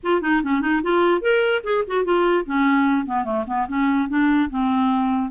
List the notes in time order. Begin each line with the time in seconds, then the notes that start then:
0.03 F4
0.21 D#4
0.43 C#4
0.61 D#4
0.82 F4
1.21 A#4
1.63 G#4
1.87 F#4
2.04 F4
2.45 C#4
3.06 B3
3.24 A3
3.46 B3
3.67 C#4
4.08 D4
4.50 C4